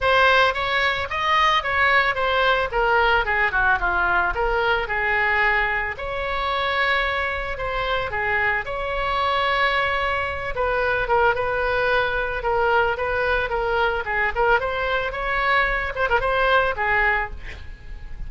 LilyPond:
\new Staff \with { instrumentName = "oboe" } { \time 4/4 \tempo 4 = 111 c''4 cis''4 dis''4 cis''4 | c''4 ais'4 gis'8 fis'8 f'4 | ais'4 gis'2 cis''4~ | cis''2 c''4 gis'4 |
cis''2.~ cis''8 b'8~ | b'8 ais'8 b'2 ais'4 | b'4 ais'4 gis'8 ais'8 c''4 | cis''4. c''16 ais'16 c''4 gis'4 | }